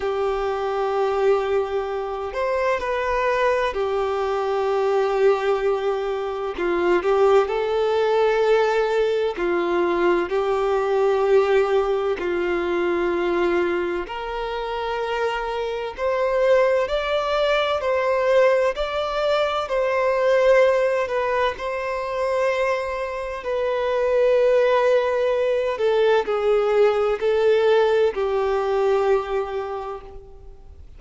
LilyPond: \new Staff \with { instrumentName = "violin" } { \time 4/4 \tempo 4 = 64 g'2~ g'8 c''8 b'4 | g'2. f'8 g'8 | a'2 f'4 g'4~ | g'4 f'2 ais'4~ |
ais'4 c''4 d''4 c''4 | d''4 c''4. b'8 c''4~ | c''4 b'2~ b'8 a'8 | gis'4 a'4 g'2 | }